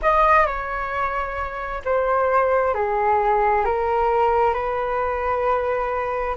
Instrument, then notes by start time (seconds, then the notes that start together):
flute
0.02 D#5
0.46 C#5
1.84 C5
2.74 G#4
3.64 A#4
4.53 B4